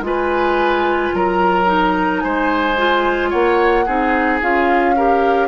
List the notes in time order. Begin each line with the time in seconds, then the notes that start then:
0.00 G#3 F4 B4 G#5
1.14 F#3 A#4 A#5
1.65 D#4
2.20 G#3 C5 G#5
2.77 F4
3.30 A#3 C#5 F#5
3.86 C4 D#4 G#4
4.41 C#4 F4 F5
4.96 G4 A#4